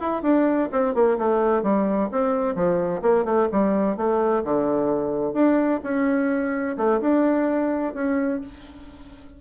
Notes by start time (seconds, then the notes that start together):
0.00 E4
0.22 D4
0.72 C4
0.95 A#3
1.18 A3
1.63 G3
2.12 C4
2.55 F3
3.02 A#3
3.25 A3
3.52 G3
3.97 A3
4.44 D3
5.34 D4
5.84 C#4
6.77 A3
7.01 D4
7.94 C#4